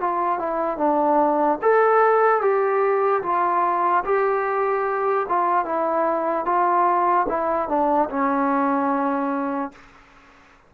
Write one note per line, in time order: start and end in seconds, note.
0.00 0.39 F4
0.39 0.77 E4
0.77 1.58 D4
1.61 2.41 A4
2.41 3.22 G4
3.22 4.04 F4
4.05 5.26 G4
5.29 5.65 F4
5.65 6.45 E4
6.45 7.26 F4
7.29 7.68 E4
7.68 8.09 D4
8.10 9.72 C#4